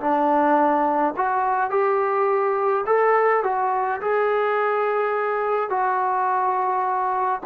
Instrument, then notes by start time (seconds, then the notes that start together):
trombone
0.00 D4
1.17 F#4
1.70 G4
2.86 A4
3.44 F#4
4.01 G#4
5.70 F#4